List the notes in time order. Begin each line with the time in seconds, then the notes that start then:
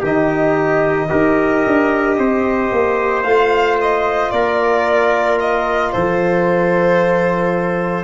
0.00 D#3 D#4 G4 D#5
1.09 D#4 G4 A#4
1.66 D4
2.17 C4 C5
2.71 A#3
3.23 A3 F4 F5
3.81 D#5
4.31 A#3 A#4 D5
5.40 D#5
5.92 F3 A4 C5